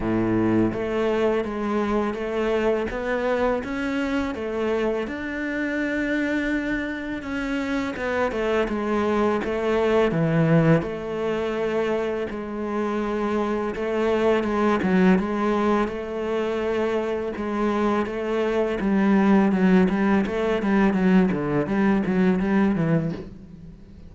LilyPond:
\new Staff \with { instrumentName = "cello" } { \time 4/4 \tempo 4 = 83 a,4 a4 gis4 a4 | b4 cis'4 a4 d'4~ | d'2 cis'4 b8 a8 | gis4 a4 e4 a4~ |
a4 gis2 a4 | gis8 fis8 gis4 a2 | gis4 a4 g4 fis8 g8 | a8 g8 fis8 d8 g8 fis8 g8 e8 | }